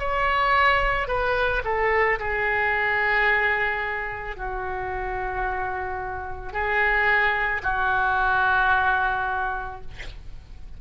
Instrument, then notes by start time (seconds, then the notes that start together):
oboe
0.00 C#5
1.08 B4
1.65 A4
2.20 G#4
4.37 F#4
6.53 G#4
7.64 F#4